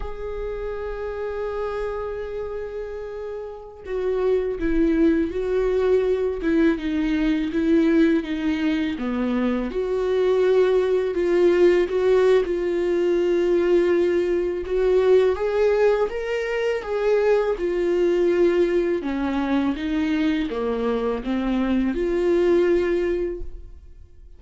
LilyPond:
\new Staff \with { instrumentName = "viola" } { \time 4/4 \tempo 4 = 82 gis'1~ | gis'4~ gis'16 fis'4 e'4 fis'8.~ | fis'8. e'8 dis'4 e'4 dis'8.~ | dis'16 b4 fis'2 f'8.~ |
f'16 fis'8. f'2. | fis'4 gis'4 ais'4 gis'4 | f'2 cis'4 dis'4 | ais4 c'4 f'2 | }